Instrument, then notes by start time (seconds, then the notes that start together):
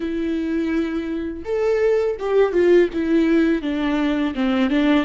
viola
0.00 E4
1.44 A4
2.19 G4
2.52 F4
2.93 E4
3.61 D4
4.34 C4
4.70 D4